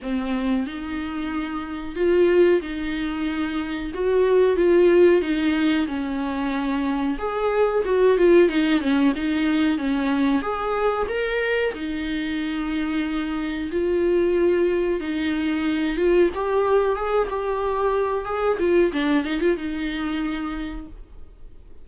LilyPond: \new Staff \with { instrumentName = "viola" } { \time 4/4 \tempo 4 = 92 c'4 dis'2 f'4 | dis'2 fis'4 f'4 | dis'4 cis'2 gis'4 | fis'8 f'8 dis'8 cis'8 dis'4 cis'4 |
gis'4 ais'4 dis'2~ | dis'4 f'2 dis'4~ | dis'8 f'8 g'4 gis'8 g'4. | gis'8 f'8 d'8 dis'16 f'16 dis'2 | }